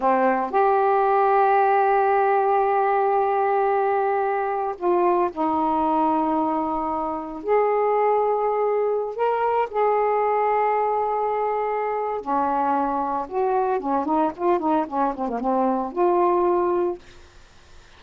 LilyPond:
\new Staff \with { instrumentName = "saxophone" } { \time 4/4 \tempo 4 = 113 c'4 g'2.~ | g'1~ | g'4 f'4 dis'2~ | dis'2 gis'2~ |
gis'4~ gis'16 ais'4 gis'4.~ gis'16~ | gis'2. cis'4~ | cis'4 fis'4 cis'8 dis'8 f'8 dis'8 | cis'8 c'16 ais16 c'4 f'2 | }